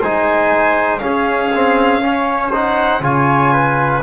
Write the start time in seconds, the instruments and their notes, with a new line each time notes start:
0.00 double bass G#3, trombone D#4, trumpet C5, violin G#5
0.99 trombone C#4, double bass C#4, trumpet G#4, violin F5
1.55 trombone C4
2.01 trombone C#4, trumpet C#5
2.51 trombone D#4, trumpet C5, violin F#5
3.00 double bass C#3, trombone F4, trumpet C#5, violin G#5
3.52 trumpet B4